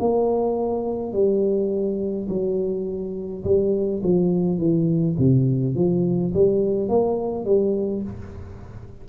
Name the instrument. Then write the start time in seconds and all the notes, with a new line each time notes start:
tuba
0.00 A#3
1.13 G3
2.29 F#3
3.45 G3
4.03 F3
4.59 E3
5.19 C3
5.75 F3
6.34 G3
6.89 A#3
7.45 G3